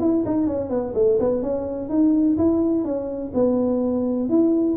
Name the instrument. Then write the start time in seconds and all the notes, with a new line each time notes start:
tuba
0.00 E4
0.26 D#4
0.47 C#4
0.69 B3
0.94 A3
1.19 B3
1.42 C#4
1.89 D#4
2.37 E4
2.84 C#4
3.34 B3
4.29 E4